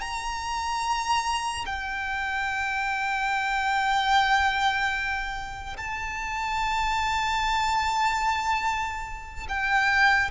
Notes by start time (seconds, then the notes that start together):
0.00 A#5
1.65 G5
5.77 A5
9.48 G5